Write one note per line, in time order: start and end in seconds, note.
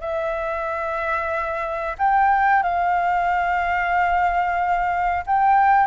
0.00 1.96 E5
1.98 2.63 G5
2.63 5.24 F5
5.26 5.87 G5